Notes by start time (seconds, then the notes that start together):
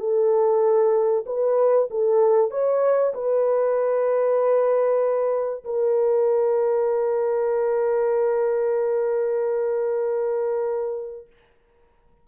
0.00 A4
1.26 B4
1.91 A4
2.51 C#5
3.14 B4
5.65 A#4